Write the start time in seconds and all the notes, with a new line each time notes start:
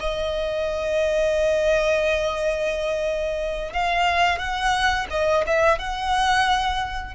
0.00 D#5
3.73 F5
4.39 F#5
5.11 D#5
5.47 E5
5.79 F#5